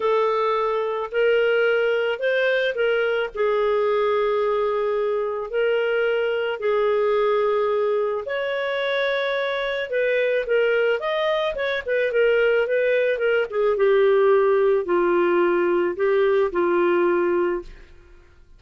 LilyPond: \new Staff \with { instrumentName = "clarinet" } { \time 4/4 \tempo 4 = 109 a'2 ais'2 | c''4 ais'4 gis'2~ | gis'2 ais'2 | gis'2. cis''4~ |
cis''2 b'4 ais'4 | dis''4 cis''8 b'8 ais'4 b'4 | ais'8 gis'8 g'2 f'4~ | f'4 g'4 f'2 | }